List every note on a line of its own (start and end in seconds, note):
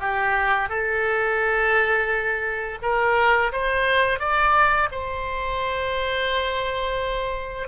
0.00 0.69 G4
0.69 2.78 A4
2.82 3.52 A#4
3.52 4.20 C5
4.20 4.89 D5
4.91 7.68 C5